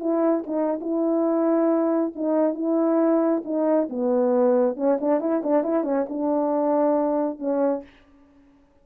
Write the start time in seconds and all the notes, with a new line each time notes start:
0.00 E4
0.47 D#4
0.81 E4
2.15 D#4
2.54 E4
3.45 D#4
3.89 B3
4.76 C#4
5.01 D4
5.20 E4
5.44 D4
5.64 E4
5.84 C#4
6.09 D4
7.39 C#4